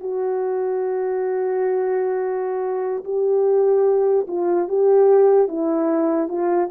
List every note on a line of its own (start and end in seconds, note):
0.00 3.04 F#4
3.05 4.26 G4
4.28 4.68 F4
4.68 5.48 G4
5.48 6.29 E4
6.29 6.69 F4